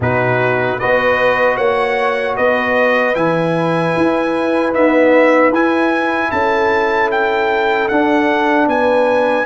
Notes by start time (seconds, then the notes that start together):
0.00 B2 D#4 F#4 B4
0.79 B3 F#4 B4 D#5
1.56 A#3 C#5 F#5
2.36 B3 B4 D#5
3.14 E3 E4 G#5
3.96 E4
4.73 B3 D#4 E5
5.51 E4 G#5
6.31 C#4 A4 A5
7.11 G5
7.88 D4 F#5
8.66 B3 B4 G#5